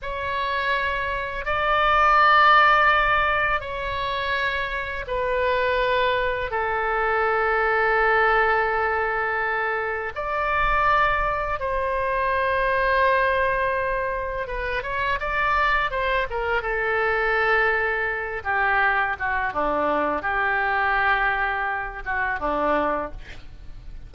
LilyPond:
\new Staff \with { instrumentName = "oboe" } { \time 4/4 \tempo 4 = 83 cis''2 d''2~ | d''4 cis''2 b'4~ | b'4 a'2.~ | a'2 d''2 |
c''1 | b'8 cis''8 d''4 c''8 ais'8 a'4~ | a'4. g'4 fis'8 d'4 | g'2~ g'8 fis'8 d'4 | }